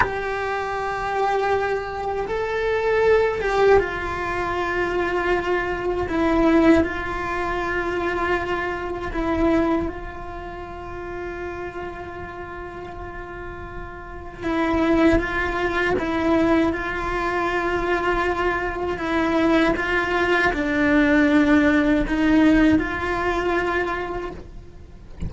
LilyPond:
\new Staff \with { instrumentName = "cello" } { \time 4/4 \tempo 4 = 79 g'2. a'4~ | a'8 g'8 f'2. | e'4 f'2. | e'4 f'2.~ |
f'2. e'4 | f'4 e'4 f'2~ | f'4 e'4 f'4 d'4~ | d'4 dis'4 f'2 | }